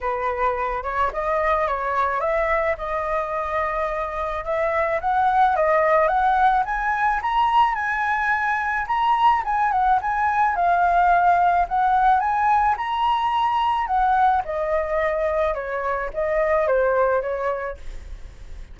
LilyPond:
\new Staff \with { instrumentName = "flute" } { \time 4/4 \tempo 4 = 108 b'4. cis''8 dis''4 cis''4 | e''4 dis''2. | e''4 fis''4 dis''4 fis''4 | gis''4 ais''4 gis''2 |
ais''4 gis''8 fis''8 gis''4 f''4~ | f''4 fis''4 gis''4 ais''4~ | ais''4 fis''4 dis''2 | cis''4 dis''4 c''4 cis''4 | }